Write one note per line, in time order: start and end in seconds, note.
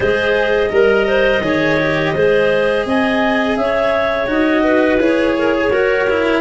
0.00 0.68 G#3
0.00 0.69 G#4
0.00 0.71 C5
0.00 2.86 D#5
0.69 1.40 G3
0.69 1.41 A#4
0.69 1.07 A#4
1.07 1.42 C5
1.40 2.12 D#3
1.40 1.78 G#4
1.40 2.14 C#5
1.79 2.15 G4
2.14 2.85 G#3
2.14 4.26 G#4
2.14 2.86 C5
2.85 3.56 C4
2.85 3.58 D#5
2.85 3.56 G#5
3.56 4.27 C#4
3.56 4.63 C#5
3.56 4.27 E5
4.26 4.98 D#4
4.26 4.98 F#4
4.26 5.00 D#5
4.63 5.35 B4
4.98 5.69 E4
4.98 5.71 G#4
4.98 6.41 C#5
5.37 5.54 A#4
5.54 5.71 G#4
5.70 6.41 F#4
5.70 6.08 F#4
5.70 6.41 A#4
6.09 6.41 E4